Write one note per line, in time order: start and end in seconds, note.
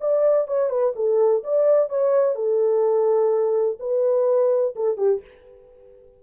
0.00 0.47 D5
0.47 0.69 C#5
0.69 0.93 B4
0.95 1.43 A4
1.43 1.89 D5
1.89 2.35 C#5
2.35 3.78 A4
3.79 4.75 B4
4.75 4.97 A4
4.97 5.21 G4